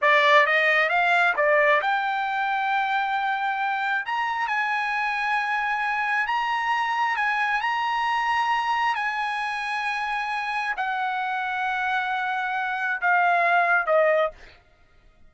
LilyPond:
\new Staff \with { instrumentName = "trumpet" } { \time 4/4 \tempo 4 = 134 d''4 dis''4 f''4 d''4 | g''1~ | g''4 ais''4 gis''2~ | gis''2 ais''2 |
gis''4 ais''2. | gis''1 | fis''1~ | fis''4 f''2 dis''4 | }